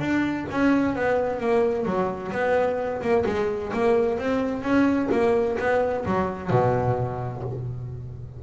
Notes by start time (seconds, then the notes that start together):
0.00 D4
0.51 C#4
0.96 B3
1.40 A#3
1.86 F#3
2.32 B3
3.02 A#3
3.26 G#3
3.73 A#3
4.19 C4
4.63 C#4
5.12 A#3
5.59 B3
6.06 F#3
6.51 B2